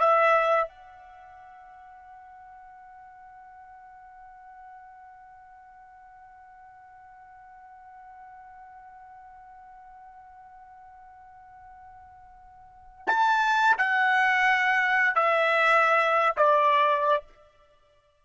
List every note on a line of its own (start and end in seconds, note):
0.00 0.68 E5
0.68 13.08 F#5
13.08 13.76 A5
13.78 15.15 F#5
15.15 16.36 E5
16.37 17.24 D5